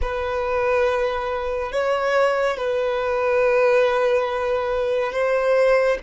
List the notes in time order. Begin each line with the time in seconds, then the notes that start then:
0.01 B4
1.71 C#5
2.57 B4
5.12 C5